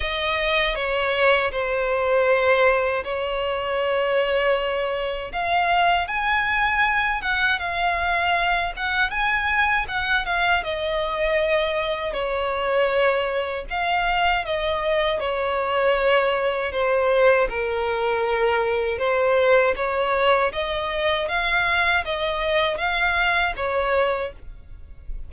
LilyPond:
\new Staff \with { instrumentName = "violin" } { \time 4/4 \tempo 4 = 79 dis''4 cis''4 c''2 | cis''2. f''4 | gis''4. fis''8 f''4. fis''8 | gis''4 fis''8 f''8 dis''2 |
cis''2 f''4 dis''4 | cis''2 c''4 ais'4~ | ais'4 c''4 cis''4 dis''4 | f''4 dis''4 f''4 cis''4 | }